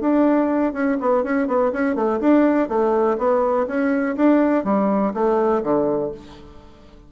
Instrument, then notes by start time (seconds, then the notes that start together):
bassoon
0.00 D4
0.73 C#4
1.00 B3
1.23 C#4
1.47 B3
1.72 C#4
1.95 A3
2.20 D4
2.69 A3
3.18 B3
3.67 C#4
4.16 D4
4.64 G3
5.14 A3
5.63 D3